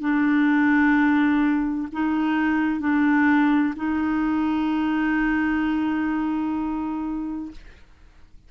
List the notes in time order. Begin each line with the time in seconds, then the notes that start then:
0.00 D4
1.92 D#4
2.80 D4
3.76 D#4